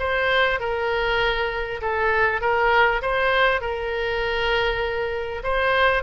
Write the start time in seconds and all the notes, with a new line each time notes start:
0.00 C5
0.60 A#4
1.82 A4
2.41 A#4
3.02 C5
3.61 A#4
5.44 C5